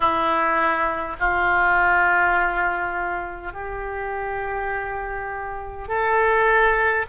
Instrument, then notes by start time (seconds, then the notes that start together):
oboe
0.00 E4
1.19 F4
3.52 G4
5.88 A4